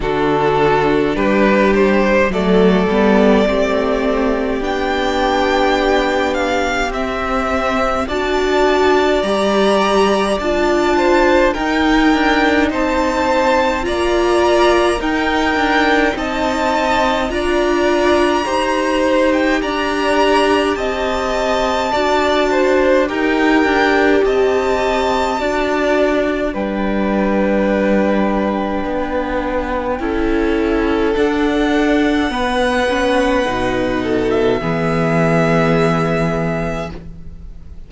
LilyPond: <<
  \new Staff \with { instrumentName = "violin" } { \time 4/4 \tempo 4 = 52 a'4 b'8 c''8 d''2 | g''4. f''8 e''4 a''4 | ais''4 a''4 g''4 a''4 | ais''4 g''4 a''4 ais''4~ |
ais''8. g''16 ais''4 a''2 | g''4 a''2 g''4~ | g''2. fis''4~ | fis''4.~ fis''16 e''2~ e''16 | }
  \new Staff \with { instrumentName = "violin" } { \time 4/4 fis'4 g'4 a'4 g'4~ | g'2. d''4~ | d''4. c''8 ais'4 c''4 | d''4 ais'4 dis''4 d''4 |
c''4 d''4 dis''4 d''8 c''8 | ais'4 dis''4 d''4 b'4~ | b'2 a'2 | b'4. a'8 gis'2 | }
  \new Staff \with { instrumentName = "viola" } { \time 4/4 d'2 a8 b8 c'4 | d'2 c'4 fis'4 | g'4 f'4 dis'2 | f'4 dis'2 f'4 |
g'2. fis'4 | g'2 fis'4 d'4~ | d'2 e'4 d'4 | b8 cis'8 dis'4 b2 | }
  \new Staff \with { instrumentName = "cello" } { \time 4/4 d4 g4 fis8 g8 a4 | b2 c'4 d'4 | g4 d'4 dis'8 d'8 c'4 | ais4 dis'8 d'8 c'4 d'4 |
dis'4 d'4 c'4 d'4 | dis'8 d'8 c'4 d'4 g4~ | g4 b4 cis'4 d'4 | b4 b,4 e2 | }
>>